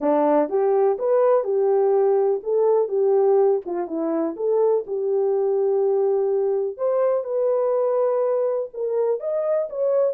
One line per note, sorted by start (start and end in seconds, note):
0.00 0.49 D4
0.49 0.97 G4
0.98 1.44 B4
1.44 2.40 G4
2.43 2.88 A4
2.88 3.60 G4
3.65 3.87 F4
3.87 4.35 E4
4.36 4.85 A4
4.87 6.77 G4
6.77 7.24 C5
7.24 8.69 B4
8.73 9.20 A#4
9.20 9.68 D#5
9.69 10.14 C#5